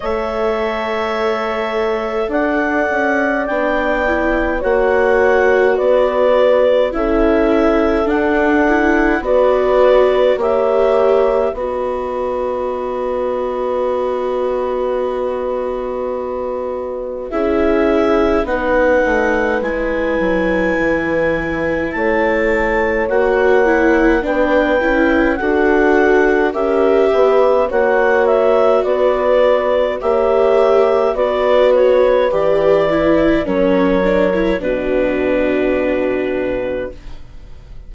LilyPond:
<<
  \new Staff \with { instrumentName = "clarinet" } { \time 4/4 \tempo 4 = 52 e''2 fis''4 g''4 | fis''4 d''4 e''4 fis''4 | d''4 e''4 dis''2~ | dis''2. e''4 |
fis''4 gis''2 a''4 | fis''4 g''4 fis''4 e''4 | fis''8 e''8 d''4 e''4 d''8 cis''8 | d''4 cis''4 b'2 | }
  \new Staff \with { instrumentName = "horn" } { \time 4/4 cis''2 d''2 | cis''4 b'4 a'2 | b'4 cis''4 b'2~ | b'2. gis'4 |
b'2. cis''4~ | cis''4 b'4 a'4 ais'8 b'8 | cis''4 b'4 cis''4 b'4~ | b'4 ais'4 fis'2 | }
  \new Staff \with { instrumentName = "viola" } { \time 4/4 a'2. d'8 e'8 | fis'2 e'4 d'8 e'8 | fis'4 g'4 fis'2~ | fis'2. e'4 |
dis'4 e'2. | fis'8 e'8 d'8 e'8 fis'4 g'4 | fis'2 g'4 fis'4 | g'8 e'8 cis'8 d'16 e'16 d'2 | }
  \new Staff \with { instrumentName = "bassoon" } { \time 4/4 a2 d'8 cis'8 b4 | ais4 b4 cis'4 d'4 | b4 ais4 b2~ | b2. cis'4 |
b8 a8 gis8 fis8 e4 a4 | ais4 b8 cis'8 d'4 cis'8 b8 | ais4 b4 ais4 b4 | e4 fis4 b,2 | }
>>